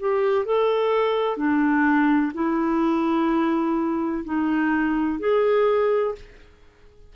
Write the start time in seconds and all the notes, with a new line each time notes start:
0.00 G4
0.46 A4
1.37 D4
2.34 E4
4.25 D#4
5.20 G#4